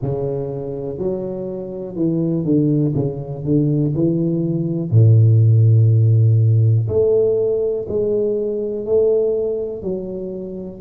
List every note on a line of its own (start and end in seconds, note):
0.02 0.98 C#3
0.98 1.95 F#3
1.95 2.44 E3
2.45 2.94 D3
2.95 3.44 C#3
3.44 3.93 D3
3.95 4.90 E3
4.90 6.87 A2
6.88 7.86 A3
7.88 8.85 G#3
8.85 9.82 A3
9.82 10.80 F#3